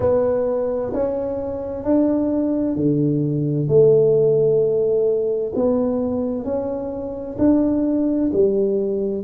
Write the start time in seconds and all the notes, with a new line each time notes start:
0.00 B3
0.93 C#4
1.84 D4
2.75 D3
3.68 A3
5.55 B3
6.44 C#4
7.38 D4
8.32 G3